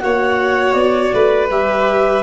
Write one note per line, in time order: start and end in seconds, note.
0.00 0.74 A#3
0.00 1.48 F#4
0.00 1.14 C#5
0.00 0.73 F#5
0.73 1.11 B3
0.73 1.47 D5
1.13 1.50 A3
1.13 2.23 B4
1.50 2.23 G3
1.50 2.23 G4
1.50 2.23 E5